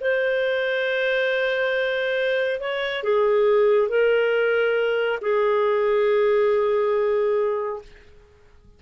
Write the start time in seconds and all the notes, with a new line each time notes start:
0.00 C5
2.60 C#5
3.03 G#4
3.89 A#4
5.21 G#4